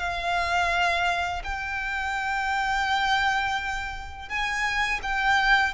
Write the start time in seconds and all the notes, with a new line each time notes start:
0.00 F5
1.44 G5
4.30 G#5
5.03 G5